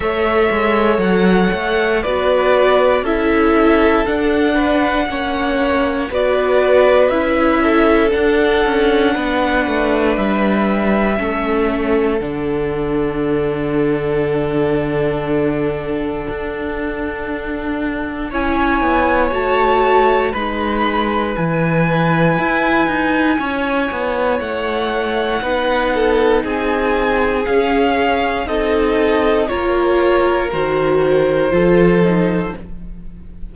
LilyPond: <<
  \new Staff \with { instrumentName = "violin" } { \time 4/4 \tempo 4 = 59 e''4 fis''4 d''4 e''4 | fis''2 d''4 e''4 | fis''2 e''2 | fis''1~ |
fis''2 gis''4 a''4 | b''4 gis''2. | fis''2 gis''4 f''4 | dis''4 cis''4 c''2 | }
  \new Staff \with { instrumentName = "violin" } { \time 4/4 cis''2 b'4 a'4~ | a'8 b'8 cis''4 b'4. a'8~ | a'4 b'2 a'4~ | a'1~ |
a'2 cis''2 | b'2. cis''4~ | cis''4 b'8 a'8 gis'2 | a'4 ais'2 a'4 | }
  \new Staff \with { instrumentName = "viola" } { \time 4/4 a'2 fis'4 e'4 | d'4 cis'4 fis'4 e'4 | d'2. cis'4 | d'1~ |
d'2 e'4 fis'4 | dis'4 e'2.~ | e'4 dis'2 cis'4 | dis'4 f'4 fis'4 f'8 dis'8 | }
  \new Staff \with { instrumentName = "cello" } { \time 4/4 a8 gis8 fis8 a8 b4 cis'4 | d'4 ais4 b4 cis'4 | d'8 cis'8 b8 a8 g4 a4 | d1 |
d'2 cis'8 b8 a4 | gis4 e4 e'8 dis'8 cis'8 b8 | a4 b4 c'4 cis'4 | c'4 ais4 dis4 f4 | }
>>